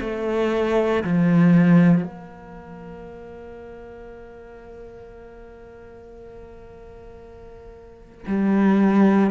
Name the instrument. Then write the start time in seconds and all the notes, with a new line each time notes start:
cello
0.00 A3
1.04 F3
2.04 A#3
8.27 G3